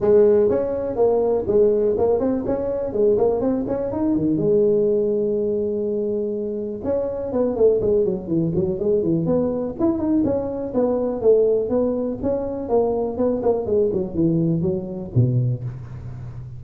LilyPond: \new Staff \with { instrumentName = "tuba" } { \time 4/4 \tempo 4 = 123 gis4 cis'4 ais4 gis4 | ais8 c'8 cis'4 gis8 ais8 c'8 cis'8 | dis'8 dis8 gis2.~ | gis2 cis'4 b8 a8 |
gis8 fis8 e8 fis8 gis8 e8 b4 | e'8 dis'8 cis'4 b4 a4 | b4 cis'4 ais4 b8 ais8 | gis8 fis8 e4 fis4 b,4 | }